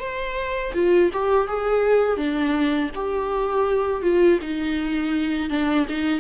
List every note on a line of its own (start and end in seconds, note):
0.00 0.73 C5
0.74 1.11 F4
1.13 1.48 G4
1.48 2.17 G#4
2.17 2.90 D4
2.95 4.02 G4
4.02 4.39 F4
4.42 5.50 D#4
5.50 5.86 D4
5.89 6.20 D#4